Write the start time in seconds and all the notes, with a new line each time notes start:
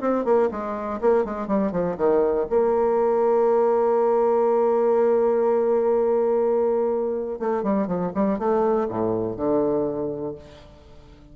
0.00 C4
0.24 A#3
0.51 G#3
1.01 A#3
1.24 G#3
1.47 G3
1.71 F3
1.97 D#3
2.49 A#3
7.39 A3
7.63 G3
7.86 F3
8.14 G3
8.38 A3
8.88 A2
9.36 D3